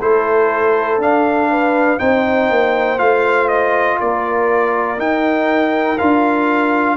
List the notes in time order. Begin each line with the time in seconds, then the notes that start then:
0.00 A3 E4 A4 C5
0.98 D4 F5
1.50 B4
1.98 C4 D#4 C5 G5
2.50 A#3
2.98 A3 F4 F5
3.48 D#5
4.00 A#3 A#4 D5
4.97 D#4 G5
5.98 D4 F4 F5